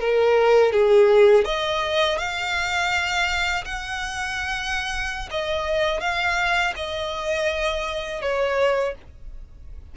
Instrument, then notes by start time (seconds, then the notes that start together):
violin
0.00 A#4
0.73 G#4
1.45 D#5
2.18 F5
3.65 F#5
5.31 D#5
6.01 F5
6.76 D#5
8.22 C#5